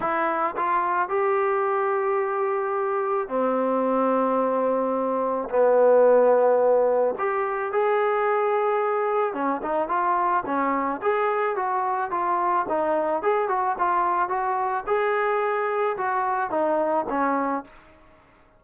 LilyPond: \new Staff \with { instrumentName = "trombone" } { \time 4/4 \tempo 4 = 109 e'4 f'4 g'2~ | g'2 c'2~ | c'2 b2~ | b4 g'4 gis'2~ |
gis'4 cis'8 dis'8 f'4 cis'4 | gis'4 fis'4 f'4 dis'4 | gis'8 fis'8 f'4 fis'4 gis'4~ | gis'4 fis'4 dis'4 cis'4 | }